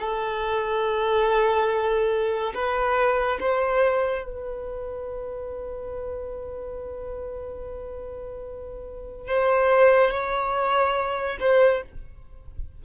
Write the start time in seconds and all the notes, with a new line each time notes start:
0.00 A4
2.55 B4
3.41 C5
4.25 B4
9.28 C5
10.11 C#5
11.40 C5